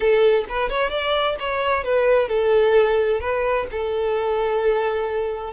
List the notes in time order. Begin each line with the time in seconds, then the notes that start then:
0.00 A4
0.48 B4
0.69 C#5
0.90 D5
1.39 C#5
1.83 B4
2.28 A4
3.20 B4
3.71 A4